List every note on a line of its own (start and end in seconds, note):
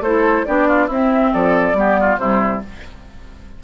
0.00 0.43 A3
0.00 0.46 E4
0.00 0.46 A4
0.00 0.45 C5
0.45 0.89 B3
0.45 0.89 D4
0.45 0.68 G4
0.45 0.88 D5
0.68 0.87 F4
0.87 1.32 C4
0.87 1.75 C4
0.87 1.30 E4
0.87 1.33 E5
1.33 1.73 F3
1.33 1.76 A4
1.33 2.18 D5
1.73 2.17 G3
1.73 2.19 B3
1.73 2.00 G4
2.00 2.20 F4
2.18 2.62 C3
2.18 2.63 G3
2.18 2.63 E4
2.18 2.61 C5